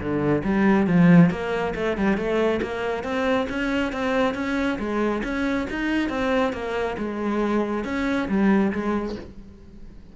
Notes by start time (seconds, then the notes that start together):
0.00 D3
0.45 G3
0.87 F3
1.31 A#3
1.76 A3
1.98 G3
2.18 A3
2.62 A#3
3.04 C4
3.50 C#4
3.93 C4
4.35 C#4
4.79 G#3
5.24 C#4
5.70 D#4
6.10 C4
6.53 A#3
6.98 G#3
7.85 C#4
8.29 G3
8.73 G#3